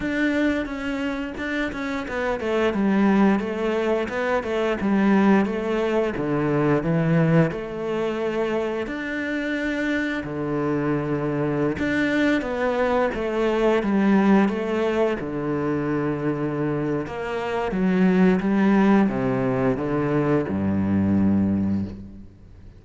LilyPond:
\new Staff \with { instrumentName = "cello" } { \time 4/4 \tempo 4 = 88 d'4 cis'4 d'8 cis'8 b8 a8 | g4 a4 b8 a8 g4 | a4 d4 e4 a4~ | a4 d'2 d4~ |
d4~ d16 d'4 b4 a8.~ | a16 g4 a4 d4.~ d16~ | d4 ais4 fis4 g4 | c4 d4 g,2 | }